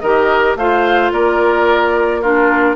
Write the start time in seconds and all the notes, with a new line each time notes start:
0.00 D#3 G4 A#4 D#5
0.56 A3 F4 C5 F5
1.12 A#3 A#4 D5
2.21 D4 F4 A#4